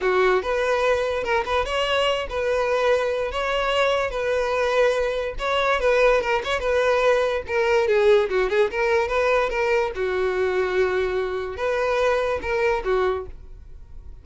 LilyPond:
\new Staff \with { instrumentName = "violin" } { \time 4/4 \tempo 4 = 145 fis'4 b'2 ais'8 b'8 | cis''4. b'2~ b'8 | cis''2 b'2~ | b'4 cis''4 b'4 ais'8 cis''8 |
b'2 ais'4 gis'4 | fis'8 gis'8 ais'4 b'4 ais'4 | fis'1 | b'2 ais'4 fis'4 | }